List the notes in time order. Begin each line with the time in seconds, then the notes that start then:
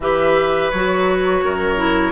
0.00 E3 G4 B4 E5
0.71 F#3 F#4 C#5
1.43 F#2 A#4
1.76 E4